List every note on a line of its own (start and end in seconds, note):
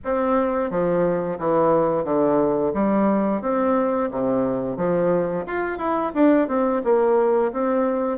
0.04 0.70 C4
0.70 1.38 F3
1.38 2.04 E3
2.04 2.72 D3
2.73 3.41 G3
3.41 4.09 C4
4.11 4.76 C3
4.76 5.45 F3
5.46 5.77 F4
5.77 6.11 E4
6.14 6.48 D4
6.48 6.82 C4
6.84 7.52 A#3
7.52 8.18 C4